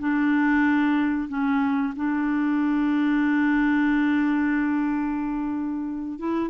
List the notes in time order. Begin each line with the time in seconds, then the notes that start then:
0.00 D4
1.29 C#4
1.96 D4
6.19 E4